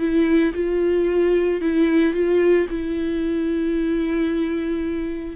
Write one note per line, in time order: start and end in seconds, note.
0.00 0.54 E4
0.54 1.61 F4
1.61 2.14 E4
2.14 2.67 F4
2.70 5.36 E4